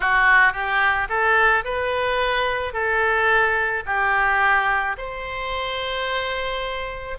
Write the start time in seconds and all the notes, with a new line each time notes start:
0.00 F#4
0.52 G4
1.09 A4
1.64 B4
2.73 A4
3.86 G4
4.97 C5